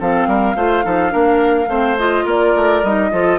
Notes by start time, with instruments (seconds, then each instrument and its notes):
0.00 bassoon F3, clarinet C4, oboe A4, flute F5
0.27 bassoon G3, oboe A#4
0.56 bassoon A3, clarinet F4, oboe C5
0.84 bassoon F3, clarinet D#4, oboe A4
1.09 bassoon A#3, clarinet D4, oboe A#4
1.68 bassoon A3, clarinet C4, oboe C5
1.99 clarinet F4, flute D#5
2.25 bassoon A#3, oboe A#4, flute D5
2.56 bassoon A3
2.83 bassoon G3, clarinet D#4, flute D#5
3.12 bassoon F3, clarinet F4, oboe A4